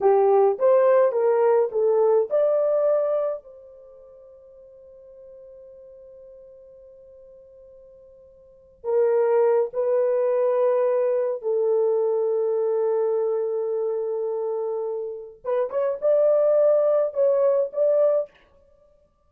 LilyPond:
\new Staff \with { instrumentName = "horn" } { \time 4/4 \tempo 4 = 105 g'4 c''4 ais'4 a'4 | d''2 c''2~ | c''1~ | c''2.~ c''8 ais'8~ |
ais'4 b'2. | a'1~ | a'2. b'8 cis''8 | d''2 cis''4 d''4 | }